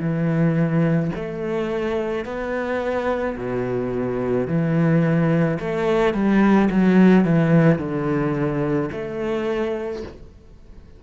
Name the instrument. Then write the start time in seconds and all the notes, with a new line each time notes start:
cello
0.00 E3
1.16 A3
2.25 B3
3.37 B2
4.47 E3
5.60 A3
6.14 G3
6.70 F#3
7.25 E3
7.79 D3
8.92 A3